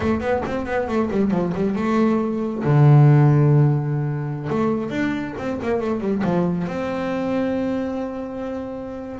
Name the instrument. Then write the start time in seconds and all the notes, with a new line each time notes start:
double bass
0.00 A3
0.20 B3
0.45 C4
0.66 B3
0.87 A3
1.11 G3
1.31 F3
1.54 G3
1.75 A3
2.63 D3
4.49 A3
4.90 D4
5.38 C4
5.62 A#3
5.80 A3
6.00 G3
6.23 F3
6.67 C4